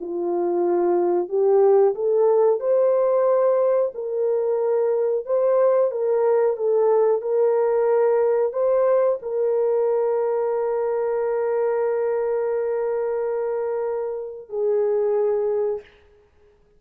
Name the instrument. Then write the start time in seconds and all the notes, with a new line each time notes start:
horn
0.00 F4
1.28 G4
1.95 A4
2.60 C5
3.94 A#4
5.25 C5
5.91 A#4
6.56 A4
7.21 A#4
8.53 C5
9.22 A#4
14.49 G#4